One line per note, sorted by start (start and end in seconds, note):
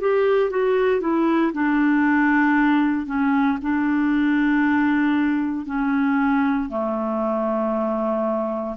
0.00 0.50 G4
0.50 1.00 F#4
1.00 1.52 E4
1.53 3.06 D4
3.06 3.58 C#4
3.62 5.66 D4
5.66 6.69 C#4
6.69 8.76 A3